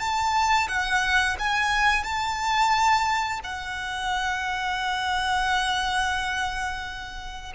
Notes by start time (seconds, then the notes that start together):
0.00 A5
0.68 F#5
1.39 G#5
2.04 A5
3.44 F#5